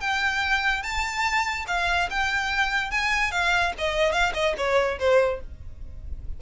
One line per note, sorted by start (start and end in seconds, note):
0.00 0.82 G5
0.82 1.65 A5
1.67 2.09 F5
2.10 2.91 G5
2.91 3.31 G#5
3.31 3.72 F5
3.78 4.12 D#5
4.12 4.32 F5
4.34 4.54 D#5
4.57 4.98 C#5
4.99 5.40 C5